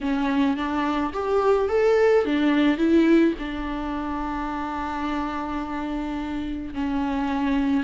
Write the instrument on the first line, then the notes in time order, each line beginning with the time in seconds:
viola
0.01 C#4
0.56 D4
1.13 G4
1.68 A4
2.25 D4
2.77 E4
3.38 D4
6.73 C#4